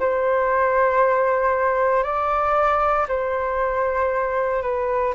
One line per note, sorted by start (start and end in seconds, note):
0.00 2.04 C5
2.04 3.07 D5
3.08 4.62 C5
4.62 5.14 B4